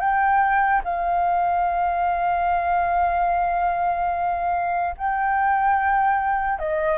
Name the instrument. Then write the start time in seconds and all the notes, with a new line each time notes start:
flute
0.00 G5
0.84 F5
4.98 G5
6.59 D#5